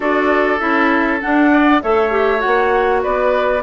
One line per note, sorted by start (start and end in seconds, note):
0.00 0.60 D4
0.00 0.59 F#4
0.00 1.50 A4
0.00 0.59 D5
0.59 1.21 C#4
0.59 1.20 E4
0.59 1.20 E5
1.20 1.81 D4
1.20 1.83 D4
1.20 1.81 F#5
1.52 1.82 D5
1.82 2.43 A3
1.82 2.10 A4
1.82 3.02 C#5
1.82 2.40 E5
2.10 2.38 G4
2.38 3.59 F#4
2.38 3.01 F#5
2.46 3.04 A#3
3.02 3.63 B3
3.02 3.63 B4
3.02 3.63 D5